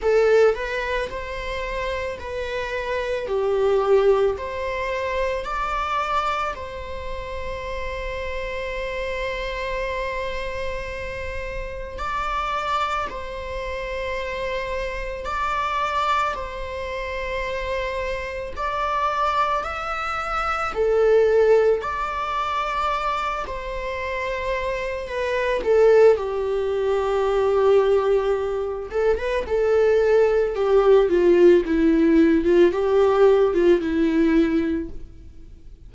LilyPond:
\new Staff \with { instrumentName = "viola" } { \time 4/4 \tempo 4 = 55 a'8 b'8 c''4 b'4 g'4 | c''4 d''4 c''2~ | c''2. d''4 | c''2 d''4 c''4~ |
c''4 d''4 e''4 a'4 | d''4. c''4. b'8 a'8 | g'2~ g'8 a'16 b'16 a'4 | g'8 f'8 e'8. f'16 g'8. f'16 e'4 | }